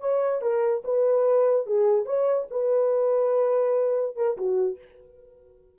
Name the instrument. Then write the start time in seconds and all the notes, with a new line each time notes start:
horn
0.00 C#5
0.42 A#4
0.84 B4
1.66 G#4
2.06 C#5
2.51 B4
4.16 A#4
4.37 F#4